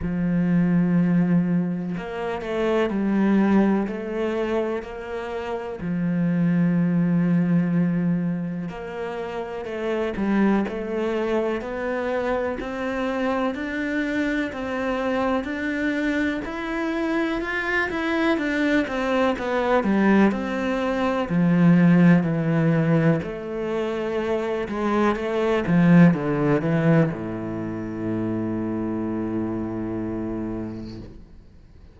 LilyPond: \new Staff \with { instrumentName = "cello" } { \time 4/4 \tempo 4 = 62 f2 ais8 a8 g4 | a4 ais4 f2~ | f4 ais4 a8 g8 a4 | b4 c'4 d'4 c'4 |
d'4 e'4 f'8 e'8 d'8 c'8 | b8 g8 c'4 f4 e4 | a4. gis8 a8 f8 d8 e8 | a,1 | }